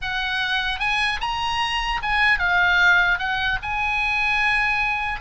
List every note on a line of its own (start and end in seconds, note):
0.01 0.79 F#5
0.79 1.19 G#5
1.20 2.00 A#5
2.02 2.38 G#5
2.38 3.18 F5
3.18 3.58 F#5
3.62 5.20 G#5